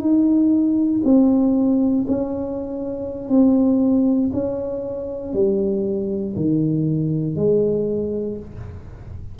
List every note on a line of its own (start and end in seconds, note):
0.00 1.02 D#4
1.04 2.06 C4
2.08 3.29 C#4
3.29 4.31 C4
4.33 5.33 C#4
5.33 6.35 G3
6.36 7.36 D#3
7.36 8.38 G#3